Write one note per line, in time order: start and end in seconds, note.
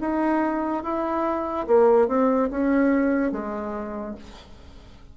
0.00 0.83 D#4
0.83 1.67 E4
1.67 2.08 A#3
2.08 2.49 C4
2.50 3.32 C#4
3.32 4.15 G#3